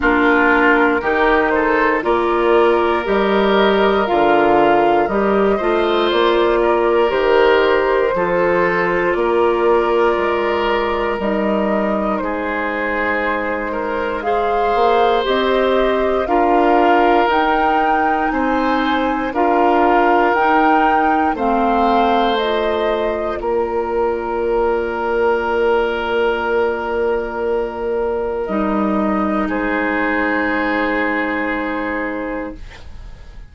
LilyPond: <<
  \new Staff \with { instrumentName = "flute" } { \time 4/4 \tempo 4 = 59 ais'4. c''8 d''4 dis''4 | f''4 dis''4 d''4 c''4~ | c''4 d''2 dis''4 | c''2 f''4 dis''4 |
f''4 g''4 gis''4 f''4 | g''4 f''4 dis''4 d''4~ | d''1 | dis''4 c''2. | }
  \new Staff \with { instrumentName = "oboe" } { \time 4/4 f'4 g'8 a'8 ais'2~ | ais'4. c''4 ais'4. | a'4 ais'2. | gis'4. ais'8 c''2 |
ais'2 c''4 ais'4~ | ais'4 c''2 ais'4~ | ais'1~ | ais'4 gis'2. | }
  \new Staff \with { instrumentName = "clarinet" } { \time 4/4 d'4 dis'4 f'4 g'4 | f'4 g'8 f'4. g'4 | f'2. dis'4~ | dis'2 gis'4 g'4 |
f'4 dis'2 f'4 | dis'4 c'4 f'2~ | f'1 | dis'1 | }
  \new Staff \with { instrumentName = "bassoon" } { \time 4/4 ais4 dis4 ais4 g4 | d4 g8 a8 ais4 dis4 | f4 ais4 gis4 g4 | gis2~ gis8 ais8 c'4 |
d'4 dis'4 c'4 d'4 | dis'4 a2 ais4~ | ais1 | g4 gis2. | }
>>